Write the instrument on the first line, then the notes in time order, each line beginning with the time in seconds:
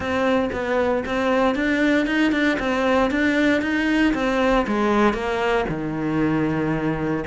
cello
0.00 C4
0.52 B3
1.05 C4
1.55 D4
2.06 D#4
2.31 D4
2.59 C4
3.10 D4
3.61 D#4
4.14 C4
4.67 G#3
5.13 A#3
5.68 D#3